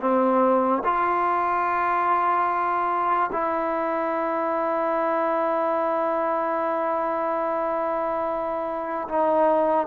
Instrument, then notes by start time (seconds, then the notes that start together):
trombone
0.00 C4
0.84 F4
3.32 E4
9.08 D#4